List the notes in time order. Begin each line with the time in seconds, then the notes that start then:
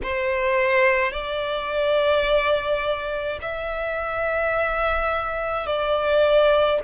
0.03 C5
1.12 D5
3.41 E5
5.66 D5